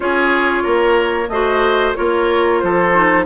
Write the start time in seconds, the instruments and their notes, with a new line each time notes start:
0.00 bassoon C#4, clarinet F4, oboe G#4, flute C#5
0.63 bassoon A#3, oboe A#4
1.28 bassoon A3, clarinet F#4, oboe C5, flute D#5
1.94 bassoon A#3, clarinet F4, oboe A#4, flute C#5
2.59 bassoon F3, oboe A4, flute C5
2.93 clarinet D#4